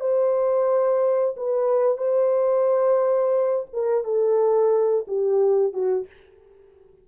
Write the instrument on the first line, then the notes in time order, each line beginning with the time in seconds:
horn
0.00 C5
1.37 B4
1.98 C5
3.73 A#4
4.04 A4
5.07 G4
5.73 F#4